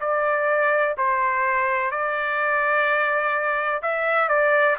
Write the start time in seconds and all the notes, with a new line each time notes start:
0.00 D5
0.97 C5
1.91 D5
3.82 E5
4.28 D5